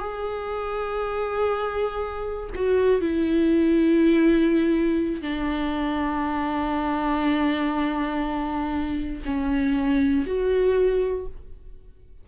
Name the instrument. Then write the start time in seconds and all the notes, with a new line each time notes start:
viola
0.00 G#4
2.56 F#4
3.01 E4
5.22 D4
9.25 C#4
10.27 F#4